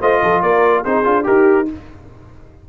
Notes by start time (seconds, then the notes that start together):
0.00 A3 F4 C5 D#5
0.22 F3 A4
0.41 A#3 A#4 D5
0.84 C4 D#4 G#4 C5
1.04 D4 F4
1.23 D#4 G4 A#4